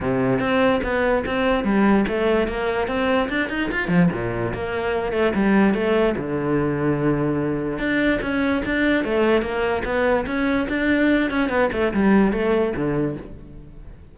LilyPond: \new Staff \with { instrumentName = "cello" } { \time 4/4 \tempo 4 = 146 c4 c'4 b4 c'4 | g4 a4 ais4 c'4 | d'8 dis'8 f'8 f8 ais,4 ais4~ | ais8 a8 g4 a4 d4~ |
d2. d'4 | cis'4 d'4 a4 ais4 | b4 cis'4 d'4. cis'8 | b8 a8 g4 a4 d4 | }